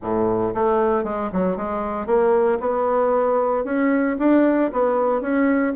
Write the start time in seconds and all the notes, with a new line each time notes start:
0.01 A2
0.54 A3
1.04 G#3
1.32 F#3
1.57 G#3
2.06 A#3
2.59 B3
3.64 C#4
4.19 D4
4.72 B3
5.21 C#4